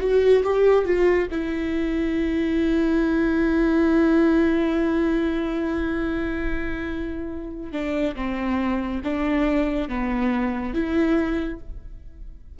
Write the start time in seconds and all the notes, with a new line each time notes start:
0.00 F#4
0.44 G4
0.85 F4
1.31 E4
7.72 D4
8.15 C4
9.04 D4
9.89 B3
10.74 E4